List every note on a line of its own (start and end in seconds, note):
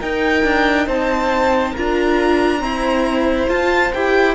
0.00 1.75 D#4
0.00 0.44 D#4
0.00 0.87 A#4
0.00 0.88 G5
0.44 0.87 D4
0.87 1.74 C4
0.87 1.72 C5
0.87 1.76 A5
1.72 2.64 D4
1.72 2.59 F4
1.72 2.59 A#4
1.72 3.50 A#5
2.59 3.46 C4
2.59 3.50 E4
2.59 4.35 C5
3.49 3.92 F4
3.49 3.93 F4
3.49 3.93 A5
3.94 4.35 E4
3.94 4.35 G4
3.94 4.35 G5